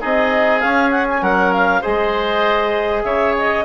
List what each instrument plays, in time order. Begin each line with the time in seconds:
0.00 bassoon C4, trombone D#4, oboe G#4, clarinet D#5
0.60 trombone C#4, bassoon C#4, clarinet F5
0.91 clarinet F#5
1.09 clarinet G#5
1.22 bassoon F#3, oboe A#4, clarinet F#5
1.53 clarinet F5
1.81 bassoon G#3, trombone G#4, oboe C5, clarinet D#5
3.04 bassoon C#3, oboe C#5, clarinet E5
3.38 clarinet D#5